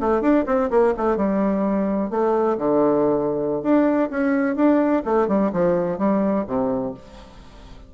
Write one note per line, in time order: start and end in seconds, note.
0.00 0.21 A3
0.21 0.45 D4
0.46 0.69 C4
0.70 0.94 A#3
0.97 1.16 A3
1.16 2.10 G3
2.10 2.57 A3
2.58 3.62 D3
3.62 4.09 D4
4.10 4.56 C#4
4.56 5.02 D4
5.05 5.28 A3
5.28 5.51 G3
5.52 5.98 F3
5.98 6.45 G3
6.47 6.94 C3